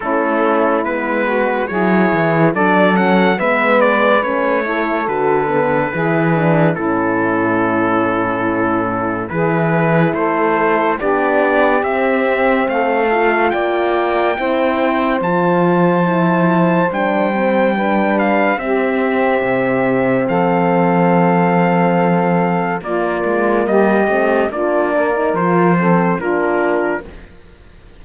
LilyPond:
<<
  \new Staff \with { instrumentName = "trumpet" } { \time 4/4 \tempo 4 = 71 a'4 b'4 cis''4 d''8 fis''8 | e''8 d''8 cis''4 b'2 | a'2. b'4 | c''4 d''4 e''4 f''4 |
g''2 a''2 | g''4. f''8 e''2 | f''2. d''4 | dis''4 d''4 c''4 ais'4 | }
  \new Staff \with { instrumentName = "saxophone" } { \time 4/4 e'4. fis'8 gis'4 a'4 | b'4. a'4. gis'4 | e'2. gis'4 | a'4 g'2 a'4 |
d''4 c''2.~ | c''4 b'4 g'2 | a'2. f'4 | g'4 f'8 ais'4 a'8 f'4 | }
  \new Staff \with { instrumentName = "horn" } { \time 4/4 cis'4 b4 e'4 d'8 cis'8 | b4 cis'8 e'8 fis'8 b8 e'8 d'8 | cis'2. e'4~ | e'4 d'4 c'4. f'8~ |
f'4 e'4 f'4 e'4 | d'8 c'8 d'4 c'2~ | c'2. ais4~ | ais8 c'8 d'8. dis'16 f'8 c'8 d'4 | }
  \new Staff \with { instrumentName = "cello" } { \time 4/4 a4 gis4 fis8 e8 fis4 | gis4 a4 d4 e4 | a,2. e4 | a4 b4 c'4 a4 |
ais4 c'4 f2 | g2 c'4 c4 | f2. ais8 gis8 | g8 a8 ais4 f4 ais4 | }
>>